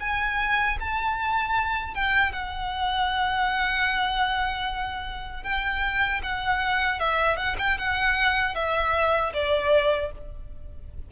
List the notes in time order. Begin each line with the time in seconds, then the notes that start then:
0.00 G#5
0.80 A5
1.94 G5
2.33 F#5
5.43 G5
6.23 F#5
7.00 E5
7.36 F#5
7.58 G5
7.78 F#5
8.55 E5
9.34 D5